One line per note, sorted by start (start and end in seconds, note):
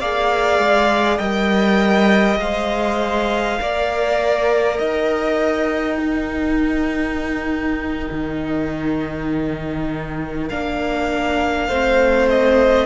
0.00 0.59 A#3
0.00 1.20 G#4
0.00 1.18 D5
0.00 1.19 F5
0.59 1.19 G#3
1.18 2.39 G3
1.18 2.40 A#4
1.18 3.58 D#5
1.18 2.39 G5
2.39 3.59 G#3
2.39 3.60 C5
2.39 4.79 F5
3.60 4.79 A#3
3.60 5.99 A#4
3.60 4.79 D5
4.79 8.10 D#4
4.79 5.99 D#5
4.79 10.49 G5
5.99 10.48 D#4
5.99 11.69 A#4
8.12 10.52 D#3
10.49 11.69 A#3
10.49 11.71 D4
10.49 12.29 F5
11.69 12.87 A3
11.69 12.87 C4
11.69 12.87 C5
12.30 12.87 D#5